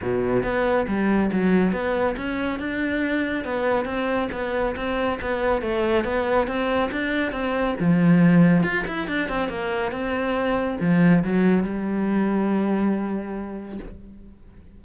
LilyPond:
\new Staff \with { instrumentName = "cello" } { \time 4/4 \tempo 4 = 139 b,4 b4 g4 fis4 | b4 cis'4 d'2 | b4 c'4 b4 c'4 | b4 a4 b4 c'4 |
d'4 c'4 f2 | f'8 e'8 d'8 c'8 ais4 c'4~ | c'4 f4 fis4 g4~ | g1 | }